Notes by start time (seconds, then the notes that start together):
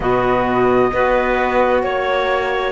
0.00 B2 B3 F#4 D#5
0.92 B3 F#4 B4
1.82 A#3 C#5